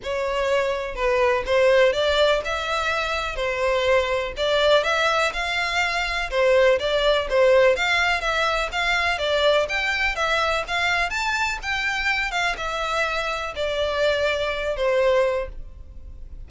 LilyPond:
\new Staff \with { instrumentName = "violin" } { \time 4/4 \tempo 4 = 124 cis''2 b'4 c''4 | d''4 e''2 c''4~ | c''4 d''4 e''4 f''4~ | f''4 c''4 d''4 c''4 |
f''4 e''4 f''4 d''4 | g''4 e''4 f''4 a''4 | g''4. f''8 e''2 | d''2~ d''8 c''4. | }